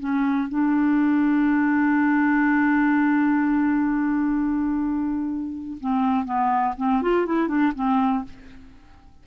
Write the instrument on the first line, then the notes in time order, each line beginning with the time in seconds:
clarinet
0.00 C#4
0.49 D4
5.81 C4
6.25 B3
6.78 C4
7.02 F4
7.26 E4
7.48 D4
7.76 C4